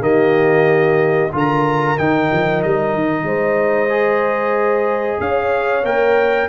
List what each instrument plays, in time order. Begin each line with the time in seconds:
0.00 tuba D#3, trombone A#3, horn G4, trumpet D#5
1.32 tuba D3, trombone F4, horn A#4, trumpet A#5
1.97 tuba D#3, trombone D#4, trumpet G5
2.32 tuba F3
2.62 tuba G3, trumpet D#5
2.94 tuba D#3
3.23 tuba G#3, horn C5
3.89 trombone G#4
5.20 tuba C#4, horn C#5, trumpet F5
5.83 tuba A#3, trombone A#4, trumpet G5